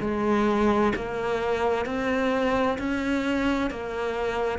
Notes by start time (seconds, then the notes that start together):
0.00 G#3
0.95 A#3
1.85 C4
2.78 C#4
3.70 A#3